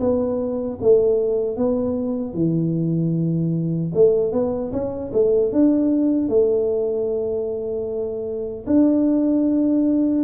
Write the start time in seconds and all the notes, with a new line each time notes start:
0.00 B3
0.81 A3
1.57 B3
2.34 E3
3.94 A3
4.32 B3
4.73 C#4
5.13 A3
5.52 D4
6.29 A3
8.67 D4